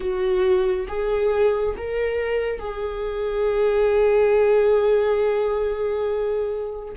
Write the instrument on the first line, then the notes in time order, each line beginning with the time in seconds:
viola
0.00 F#4
0.88 G#4
1.77 A#4
2.59 G#4